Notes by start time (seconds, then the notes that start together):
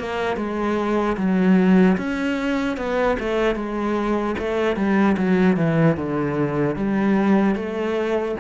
0.00 A#3
0.37 G#3
1.17 F#3
1.98 C#4
2.77 B3
3.20 A3
3.56 G#3
4.39 A3
4.76 G3
5.18 F#3
5.57 E3
5.97 D3
6.76 G3
7.56 A3